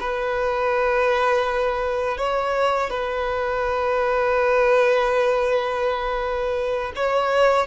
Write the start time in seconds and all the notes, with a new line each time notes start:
0.00 B4
2.18 C#5
2.90 B4
6.96 C#5